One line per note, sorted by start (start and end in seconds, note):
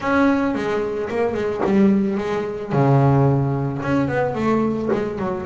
0.00 0.54 C#4
0.54 1.09 G#3
1.09 1.34 A#3
1.34 1.61 G#3
1.64 2.17 G3
2.17 2.72 G#3
2.72 3.81 C#3
3.82 4.08 C#4
4.08 4.34 B3
4.34 4.89 A3
4.92 5.18 G#3
5.18 5.45 F#3